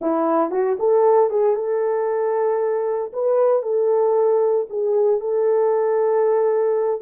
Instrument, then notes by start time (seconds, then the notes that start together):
horn
0.01 E4
0.50 F#4
0.79 A4
1.30 G#4
1.55 A4
3.13 B4
3.62 A4
4.69 G#4
5.20 A4